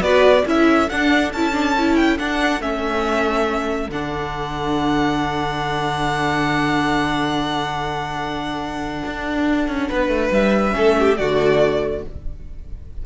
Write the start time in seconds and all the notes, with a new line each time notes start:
0.00 B3 F#4 B4 D5
0.45 C#4 E4 A4 E5
0.89 D4 F#5
1.32 C#4 E4 A5
1.52 D4
1.78 E4
1.96 G5
2.18 D4 F#5
2.60 A3 C#4 E5
3.88 D3 D4 F#5
9.05 D4
9.68 C#4
9.88 B3 B4
10.08 A3
10.31 G3 E5
10.71 A3 C#4 A4
10.99 G4
11.16 D3 A3 F#4 D5